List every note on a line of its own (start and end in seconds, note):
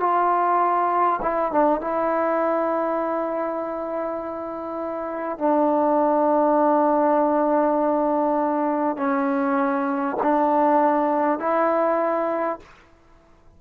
0.00 1.20 F4
1.22 1.52 E4
1.52 1.81 D4
1.81 5.38 E4
5.38 8.97 D4
8.97 10.17 C#4
10.23 11.39 D4
11.39 12.59 E4